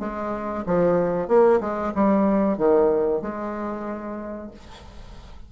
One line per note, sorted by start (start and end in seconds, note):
0.00 0.65 G#3
0.66 1.28 F3
1.28 1.61 A#3
1.61 1.93 G#3
1.95 2.58 G3
2.58 3.22 D#3
3.22 4.51 G#3